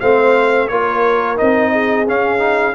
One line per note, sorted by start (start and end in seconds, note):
0.00 0.70 A3
0.00 0.70 C4
0.00 0.70 C5
0.00 0.68 F5
0.68 1.39 A#3
0.68 1.36 F4
0.68 1.72 A#4
0.68 1.37 C#5
1.36 2.08 C4
1.36 2.05 D#4
1.36 2.07 D#5
1.72 2.75 G#4
2.08 2.75 C#4
2.08 2.39 C#4
2.08 2.75 F5
2.39 2.73 D#4